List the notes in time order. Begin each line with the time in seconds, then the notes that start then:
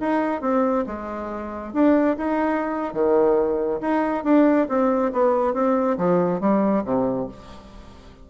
0.00 D#4
0.41 C4
0.86 G#3
1.73 D4
2.18 D#4
2.93 D#3
3.81 D#4
4.24 D4
4.69 C4
5.13 B3
5.54 C4
5.98 F3
6.41 G3
6.85 C3